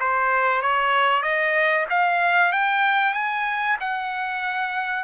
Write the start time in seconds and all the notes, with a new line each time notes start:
0.00 C5
0.62 C#5
1.23 D#5
1.90 F5
2.52 G5
3.14 G#5
3.80 F#5